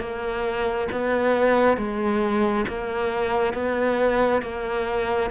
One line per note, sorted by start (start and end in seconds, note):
0.00 0.88 A#3
0.92 1.78 B3
1.78 2.66 G#3
2.68 3.54 A#3
3.54 4.42 B3
4.42 5.31 A#3